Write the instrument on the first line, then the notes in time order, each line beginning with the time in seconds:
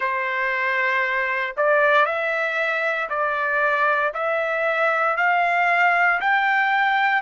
trumpet
0.00 C5
1.57 D5
2.05 E5
3.09 D5
4.14 E5
5.16 F5
6.20 G5